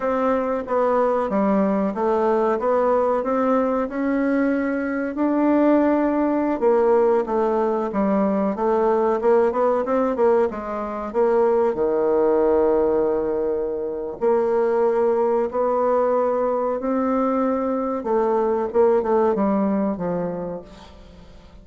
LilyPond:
\new Staff \with { instrumentName = "bassoon" } { \time 4/4 \tempo 4 = 93 c'4 b4 g4 a4 | b4 c'4 cis'2 | d'2~ d'16 ais4 a8.~ | a16 g4 a4 ais8 b8 c'8 ais16~ |
ais16 gis4 ais4 dis4.~ dis16~ | dis2 ais2 | b2 c'2 | a4 ais8 a8 g4 f4 | }